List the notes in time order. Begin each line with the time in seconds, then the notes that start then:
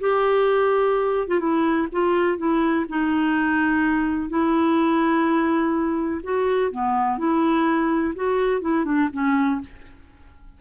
0.00 G4
1.28 F4
1.40 E4
1.92 F4
2.38 E4
2.89 D#4
4.30 E4
6.24 F#4
6.72 B3
7.18 E4
8.16 F#4
8.61 E4
8.85 D4
9.13 C#4